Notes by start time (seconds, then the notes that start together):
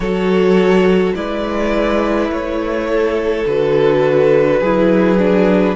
0.00 F#3 F#4 A4 C#5
1.15 G#3 E4 B4 D5
2.29 A3 C#5
2.89 A4
3.46 D3 F#4 B4
4.61 F#3 E4 G#4
5.18 D4